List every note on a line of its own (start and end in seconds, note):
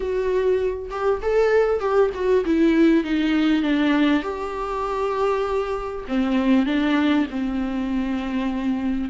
0.00 0.89 F#4
0.90 1.20 G4
1.22 1.79 A4
1.79 2.10 G4
2.14 2.44 F#4
2.45 3.03 E4
3.03 3.62 D#4
3.62 4.23 D4
4.23 6.04 G4
6.07 6.65 C4
6.65 7.26 D4
7.30 9.09 C4